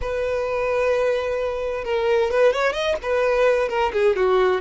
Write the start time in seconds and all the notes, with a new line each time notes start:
0.01 B4
1.84 A#4
2.31 B4
2.53 C#5
2.73 D#5
3.02 B4
3.68 A#4
3.93 G#4
4.16 F#4